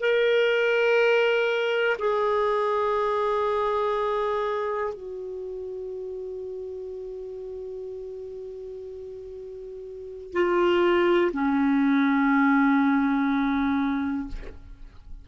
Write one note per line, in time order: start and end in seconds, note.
0.00 1.97 A#4
1.99 4.93 G#4
4.93 10.32 F#4
10.32 11.31 F4
11.32 14.28 C#4